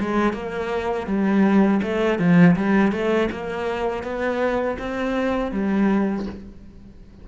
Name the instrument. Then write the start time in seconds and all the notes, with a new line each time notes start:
cello
0.00 G#3
0.33 A#3
1.07 G3
1.82 A3
2.19 F3
2.56 G3
2.92 A3
3.31 A#3
4.03 B3
4.78 C4
5.52 G3